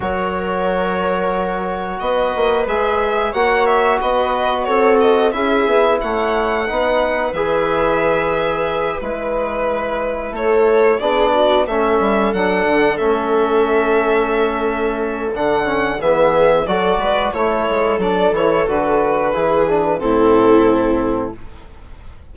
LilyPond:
<<
  \new Staff \with { instrumentName = "violin" } { \time 4/4 \tempo 4 = 90 cis''2. dis''4 | e''4 fis''8 e''8 dis''4 cis''8 dis''8 | e''4 fis''2 e''4~ | e''4. b'2 cis''8~ |
cis''8 d''4 e''4 fis''4 e''8~ | e''2. fis''4 | e''4 d''4 cis''4 d''8 cis''8 | b'2 a'2 | }
  \new Staff \with { instrumentName = "viola" } { \time 4/4 ais'2. b'4~ | b'4 cis''4 b'4 a'4 | gis'4 cis''4 b'2~ | b'2.~ b'8 a'8~ |
a'8 gis'8 fis'8 a'2~ a'8~ | a'1 | gis'4 a'8 b'8 cis''16 a'4.~ a'16~ | a'4 gis'4 e'2 | }
  \new Staff \with { instrumentName = "trombone" } { \time 4/4 fis'1 | gis'4 fis'2. | e'2 dis'4 gis'4~ | gis'4. e'2~ e'8~ |
e'8 d'4 cis'4 d'4 cis'8~ | cis'2. d'8 cis'8 | b4 fis'4 e'4 d'8 e'8 | fis'4 e'8 d'8 c'2 | }
  \new Staff \with { instrumentName = "bassoon" } { \time 4/4 fis2. b8 ais8 | gis4 ais4 b4 c'4 | cis'8 b8 a4 b4 e4~ | e4. gis2 a8~ |
a8 b4 a8 g8 fis8 d8 a8~ | a2. d4 | e4 fis8 gis8 a8 gis8 fis8 e8 | d4 e4 a,2 | }
>>